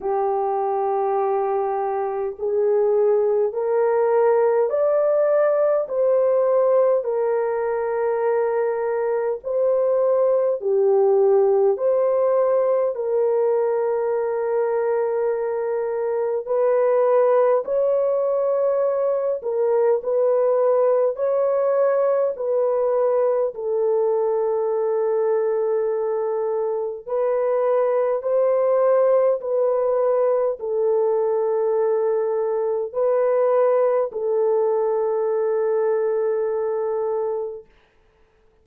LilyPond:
\new Staff \with { instrumentName = "horn" } { \time 4/4 \tempo 4 = 51 g'2 gis'4 ais'4 | d''4 c''4 ais'2 | c''4 g'4 c''4 ais'4~ | ais'2 b'4 cis''4~ |
cis''8 ais'8 b'4 cis''4 b'4 | a'2. b'4 | c''4 b'4 a'2 | b'4 a'2. | }